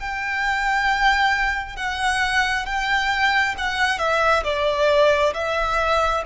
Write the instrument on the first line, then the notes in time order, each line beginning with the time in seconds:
violin
0.00 G5
1.76 F#5
2.66 G5
3.58 F#5
3.99 E5
4.44 D5
5.34 E5